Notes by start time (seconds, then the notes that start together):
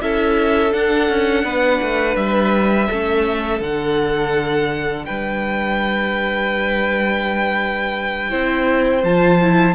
0.00 C#4 E4 A4 E5
0.69 D4 F#5
1.09 C#4
1.44 B3 B4
1.81 A3
2.15 G3 E5
2.89 A3 C#4 A4
3.60 D3 D4 F#5
5.05 G3 B4 G5
8.30 C4 E4 C5
9.03 F3 F4 A5
9.42 E4